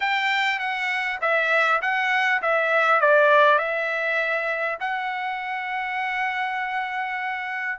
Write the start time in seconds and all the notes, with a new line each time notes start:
0.00 G5
0.59 F#5
1.21 E5
1.81 F#5
2.42 E5
3.01 D5
3.58 E5
4.80 F#5